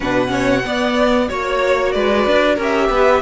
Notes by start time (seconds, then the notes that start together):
0.00 B2 D4 B4 F#5
0.28 C#4 C#5
0.64 B3 D5
1.28 A#3 F#4 C#5
1.92 G#3 B4 D5
2.26 D4
2.55 C#4 G4 A#4
2.62 E5
2.89 B3 B4